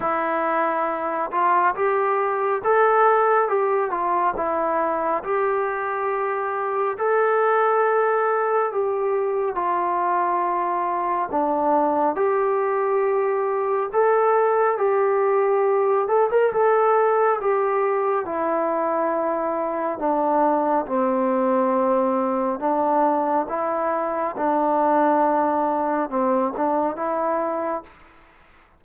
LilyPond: \new Staff \with { instrumentName = "trombone" } { \time 4/4 \tempo 4 = 69 e'4. f'8 g'4 a'4 | g'8 f'8 e'4 g'2 | a'2 g'4 f'4~ | f'4 d'4 g'2 |
a'4 g'4. a'16 ais'16 a'4 | g'4 e'2 d'4 | c'2 d'4 e'4 | d'2 c'8 d'8 e'4 | }